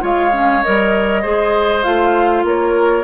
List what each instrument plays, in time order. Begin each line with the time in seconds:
0.00 bassoon G#3, clarinet F4, oboe C#5, flute F5
0.32 clarinet C#4
0.63 bassoon G3, clarinet A#4, flute D#5
1.21 bassoon G#3, clarinet G#4, oboe C5
1.83 bassoon A3, clarinet F4, flute F5
2.43 bassoon A#3, oboe A#4, flute C#5